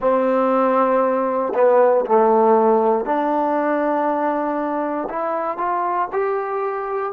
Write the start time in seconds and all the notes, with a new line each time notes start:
0.00 C4
1.54 B3
2.05 A3
3.05 D4
5.09 E4
5.57 F4
6.12 G4